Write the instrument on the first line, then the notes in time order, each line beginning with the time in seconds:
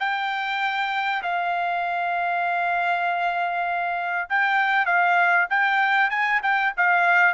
trumpet
0.00 G5
1.23 F5
4.30 G5
4.86 F5
5.50 G5
6.11 G#5
6.43 G5
6.77 F5